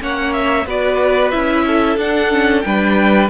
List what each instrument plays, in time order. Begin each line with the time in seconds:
0.00 cello A#3, viola C#4, violin C#5 F#5
0.33 violin E5
0.66 cello B3, viola F#4, violin B4 D5
1.31 cello C#4, viola E4, violin E5
1.67 violin A4
1.97 cello D4, viola D4, violin F#5
2.31 viola C#4
2.61 cello G3, viola D4, violin B4 G5